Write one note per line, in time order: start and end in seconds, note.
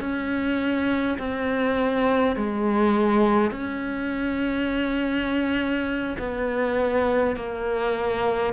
0.00 1.18 C#4
1.18 2.36 C4
2.36 3.51 G#3
3.51 6.16 C#4
6.19 7.36 B3
7.36 8.53 A#3